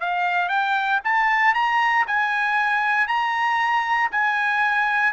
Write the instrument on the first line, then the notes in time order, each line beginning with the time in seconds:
trumpet
0.00 F5
0.49 G5
1.04 A5
1.54 A#5
2.07 G#5
3.07 A#5
4.11 G#5